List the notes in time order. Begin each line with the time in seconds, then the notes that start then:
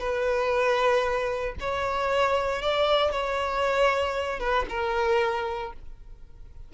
0.00 B4
1.60 C#5
2.62 D5
3.12 C#5
4.40 B4
4.70 A#4